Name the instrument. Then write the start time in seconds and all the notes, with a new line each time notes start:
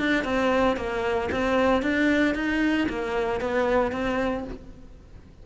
cello
0.00 D4
0.24 C4
0.77 A#3
1.32 C4
1.83 D4
2.35 D#4
2.89 A#3
3.41 B3
3.92 C4